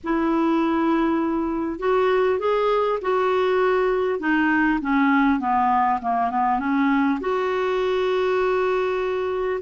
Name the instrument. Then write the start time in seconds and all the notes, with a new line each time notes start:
clarinet
0.03 E4
1.79 F#4
2.39 G#4
3.01 F#4
4.19 D#4
4.81 C#4
5.39 B3
6.01 A#3
6.30 B3
6.59 C#4
7.20 F#4